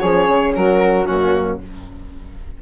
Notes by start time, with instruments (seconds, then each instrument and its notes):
0.00 bassoon F3, horn C#4, flute G#4, violin C#5
0.28 bassoon C#3
0.55 bassoon F#3, flute F#4, violin A#4
1.06 bassoon F#2, horn A#3, flute C#4, violin F#4